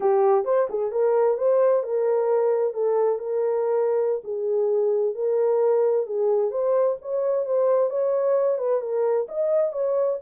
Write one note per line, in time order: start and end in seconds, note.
0.00 0.44 G4
0.44 0.67 C5
0.69 0.91 G#4
0.91 1.37 A#4
1.37 1.83 C5
1.83 2.73 A#4
2.73 3.19 A4
3.19 4.22 A#4
4.24 5.14 G#4
5.14 6.06 A#4
6.06 6.50 G#4
6.50 6.96 C5
7.01 7.45 C#5
7.45 7.90 C5
7.90 8.58 C#5
8.58 8.81 B4
8.81 9.26 A#4
9.28 9.72 D#5
9.72 10.18 C#5